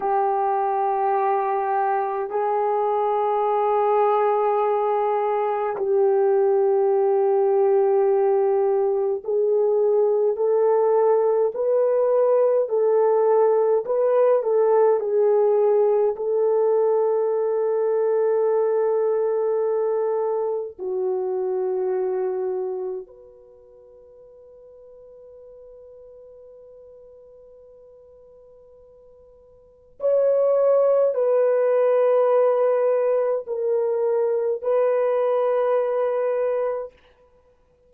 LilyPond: \new Staff \with { instrumentName = "horn" } { \time 4/4 \tempo 4 = 52 g'2 gis'2~ | gis'4 g'2. | gis'4 a'4 b'4 a'4 | b'8 a'8 gis'4 a'2~ |
a'2 fis'2 | b'1~ | b'2 cis''4 b'4~ | b'4 ais'4 b'2 | }